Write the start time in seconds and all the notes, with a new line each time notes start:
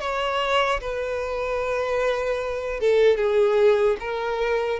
0.00 C#5
0.80 B4
2.80 A4
3.17 G#4
4.00 A#4